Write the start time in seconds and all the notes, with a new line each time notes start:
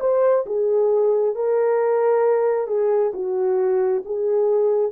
0.00 C5
0.46 G#4
1.35 A#4
2.67 G#4
3.13 F#4
4.05 G#4